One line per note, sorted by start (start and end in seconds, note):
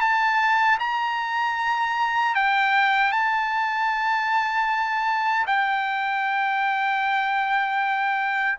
0.00 0.78 A5
0.79 2.35 A#5
2.35 3.12 G5
3.12 5.45 A5
5.46 8.58 G5